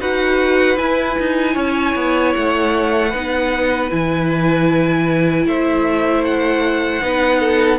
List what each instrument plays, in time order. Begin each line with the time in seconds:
0.00 cello D#4, viola F#4, violin B4 F#5
0.77 viola E4, cello E4, violin G#5
1.19 cello D#4
1.54 cello C#4, violin C#5
1.96 cello B3
2.35 cello A3, violin F#5
3.09 cello B3, viola D#4, violin B4
3.91 cello E3, viola E4, violin G#5
5.47 cello A3, violin C5 E5
6.25 violin F#5
7.02 cello B3, viola D#4, violin B4
7.40 violin A4